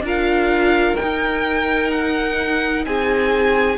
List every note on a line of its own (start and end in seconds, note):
0.00 0.94 D4
0.00 0.98 F4
0.00 2.86 A#4
0.07 0.96 F5
0.96 3.78 D#4
0.96 2.86 D#4
0.96 1.90 G5
1.91 2.85 F#5
2.85 3.78 C4
2.85 3.78 G#4
2.85 3.78 G#5